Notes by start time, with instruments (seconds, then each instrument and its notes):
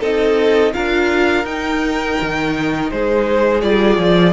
0.00 cello C4, viola D#4, violin A4 D#5
0.73 cello D4, viola F4, violin A#4 F5
1.43 cello D#4, viola D#4, violin G5
2.21 cello D#3
2.90 cello G#3, violin G#4 C5
3.61 cello G3, viola F4, violin D5
3.97 cello F3